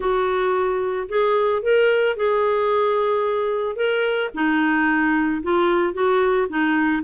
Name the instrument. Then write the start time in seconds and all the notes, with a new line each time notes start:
clarinet
0.00 F#4
1.08 G#4
1.62 A#4
2.16 G#4
3.76 A#4
4.34 D#4
5.42 F4
5.93 F#4
6.49 D#4